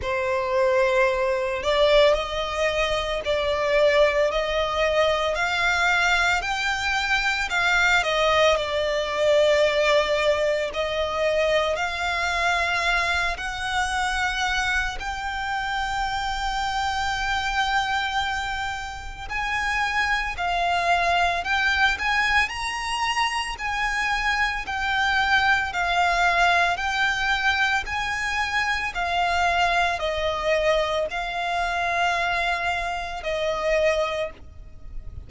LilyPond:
\new Staff \with { instrumentName = "violin" } { \time 4/4 \tempo 4 = 56 c''4. d''8 dis''4 d''4 | dis''4 f''4 g''4 f''8 dis''8 | d''2 dis''4 f''4~ | f''8 fis''4. g''2~ |
g''2 gis''4 f''4 | g''8 gis''8 ais''4 gis''4 g''4 | f''4 g''4 gis''4 f''4 | dis''4 f''2 dis''4 | }